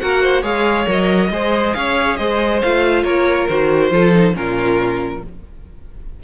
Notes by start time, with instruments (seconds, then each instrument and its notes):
0.00 cello A#3, viola F#4, violin A#4 F#5
0.22 violin C5
0.42 cello G#3, viola G#4, violin C#5 F5
0.87 cello F#3, viola A#4, violin D#5
1.30 cello G#3, viola G#4, violin C5
1.74 cello C#4, violin C#5 F5
2.17 cello G#3, violin C5 D#5
2.62 cello A3, viola F4, violin F5
3.04 cello A#3, violin A#4 C#5
3.48 cello D#3, viola F#4, violin C5
3.91 cello F3, viola F4, violin A4
4.15 viola D#4
4.34 cello A#2, viola C#4, violin F4 A#4